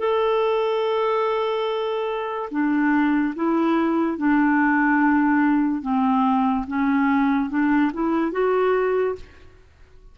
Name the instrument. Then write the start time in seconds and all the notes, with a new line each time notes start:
clarinet
0.00 A4
2.52 D4
3.36 E4
4.19 D4
5.83 C4
6.68 C#4
7.50 D4
7.94 E4
8.33 F#4